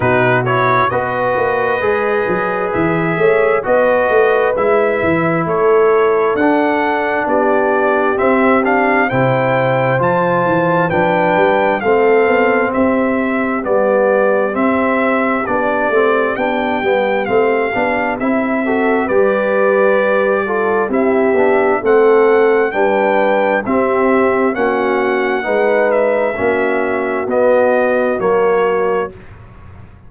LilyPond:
<<
  \new Staff \with { instrumentName = "trumpet" } { \time 4/4 \tempo 4 = 66 b'8 cis''8 dis''2 e''4 | dis''4 e''4 cis''4 fis''4 | d''4 e''8 f''8 g''4 a''4 | g''4 f''4 e''4 d''4 |
e''4 d''4 g''4 f''4 | e''4 d''2 e''4 | fis''4 g''4 e''4 fis''4~ | fis''8 e''4. dis''4 cis''4 | }
  \new Staff \with { instrumentName = "horn" } { \time 4/4 fis'4 b'2~ b'8 cis''8 | b'2 a'2 | g'2 c''2 | b'4 a'4 g'2~ |
g'1~ | g'8 a'8 b'4. a'8 g'4 | a'4 b'4 g'4 fis'4 | b'4 fis'2. | }
  \new Staff \with { instrumentName = "trombone" } { \time 4/4 dis'8 e'8 fis'4 gis'2 | fis'4 e'2 d'4~ | d'4 c'8 d'8 e'4 f'4 | d'4 c'2 b4 |
c'4 d'8 c'8 d'8 b8 c'8 d'8 | e'8 fis'8 g'4. f'8 e'8 d'8 | c'4 d'4 c'4 cis'4 | dis'4 cis'4 b4 ais4 | }
  \new Staff \with { instrumentName = "tuba" } { \time 4/4 b,4 b8 ais8 gis8 fis8 e8 a8 | b8 a8 gis8 e8 a4 d'4 | b4 c'4 c4 f8 e8 | f8 g8 a8 b8 c'4 g4 |
c'4 b8 a8 b8 g8 a8 b8 | c'4 g2 c'8 b8 | a4 g4 c'4 ais4 | gis4 ais4 b4 fis4 | }
>>